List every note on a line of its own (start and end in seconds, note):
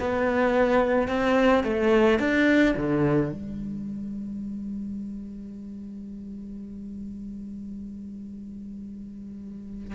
0.00 1.09 B3
1.09 1.64 C4
1.64 2.19 A3
2.19 2.75 D4
2.77 3.32 D3
3.32 9.95 G3